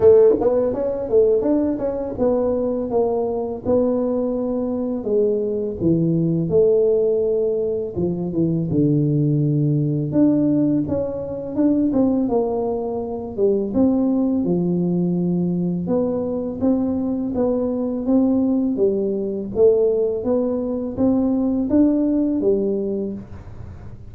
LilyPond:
\new Staff \with { instrumentName = "tuba" } { \time 4/4 \tempo 4 = 83 a8 b8 cis'8 a8 d'8 cis'8 b4 | ais4 b2 gis4 | e4 a2 f8 e8 | d2 d'4 cis'4 |
d'8 c'8 ais4. g8 c'4 | f2 b4 c'4 | b4 c'4 g4 a4 | b4 c'4 d'4 g4 | }